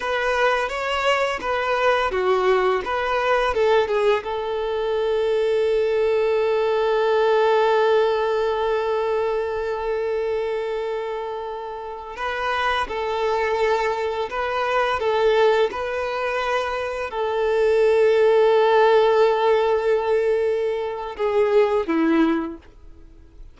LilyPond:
\new Staff \with { instrumentName = "violin" } { \time 4/4 \tempo 4 = 85 b'4 cis''4 b'4 fis'4 | b'4 a'8 gis'8 a'2~ | a'1~ | a'1~ |
a'4~ a'16 b'4 a'4.~ a'16~ | a'16 b'4 a'4 b'4.~ b'16~ | b'16 a'2.~ a'8.~ | a'2 gis'4 e'4 | }